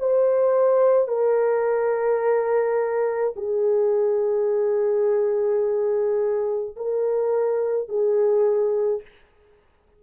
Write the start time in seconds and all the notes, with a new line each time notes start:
0.00 C5
1.09 A#4
3.37 G#4
6.77 A#4
7.89 G#4